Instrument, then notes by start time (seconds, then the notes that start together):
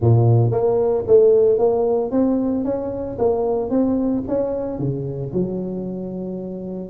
tuba
0.00 A#2
0.51 A#3
1.07 A3
1.58 A#3
2.11 C4
2.64 C#4
3.18 A#3
3.70 C4
4.27 C#4
4.78 C#3
5.33 F#3